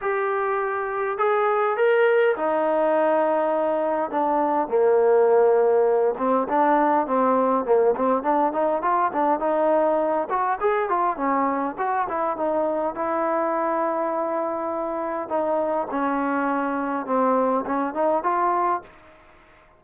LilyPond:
\new Staff \with { instrumentName = "trombone" } { \time 4/4 \tempo 4 = 102 g'2 gis'4 ais'4 | dis'2. d'4 | ais2~ ais8 c'8 d'4 | c'4 ais8 c'8 d'8 dis'8 f'8 d'8 |
dis'4. fis'8 gis'8 f'8 cis'4 | fis'8 e'8 dis'4 e'2~ | e'2 dis'4 cis'4~ | cis'4 c'4 cis'8 dis'8 f'4 | }